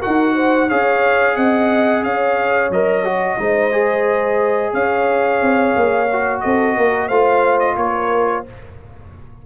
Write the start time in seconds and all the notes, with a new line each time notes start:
0.00 F#4 A#4 F#5
0.06 D#4
0.35 C5
0.68 C#4 G#4 C#5 F5
1.36 C4 D#5 F#5
2.03 C#4 C#5 F5
2.70 F#3 A#4 D#5
3.04 F#4
3.38 G#3 D#4 C5
3.72 G#4
4.73 C#4 C#5 F5
5.41 C4
5.75 A#3
6.12 F#4
6.41 C4 A4 D#5
6.77 A#3 A#4
7.07 A3 F4 C5 F5
7.59 D#5
7.76 A#3 A#4 C#5